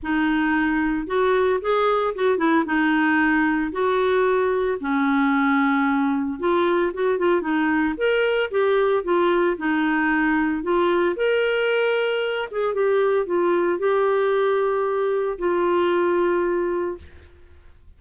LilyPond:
\new Staff \with { instrumentName = "clarinet" } { \time 4/4 \tempo 4 = 113 dis'2 fis'4 gis'4 | fis'8 e'8 dis'2 fis'4~ | fis'4 cis'2. | f'4 fis'8 f'8 dis'4 ais'4 |
g'4 f'4 dis'2 | f'4 ais'2~ ais'8 gis'8 | g'4 f'4 g'2~ | g'4 f'2. | }